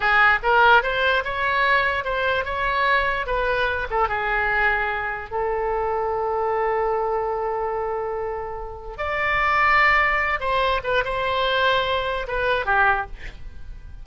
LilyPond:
\new Staff \with { instrumentName = "oboe" } { \time 4/4 \tempo 4 = 147 gis'4 ais'4 c''4 cis''4~ | cis''4 c''4 cis''2 | b'4. a'8 gis'2~ | gis'4 a'2.~ |
a'1~ | a'2 d''2~ | d''4. c''4 b'8 c''4~ | c''2 b'4 g'4 | }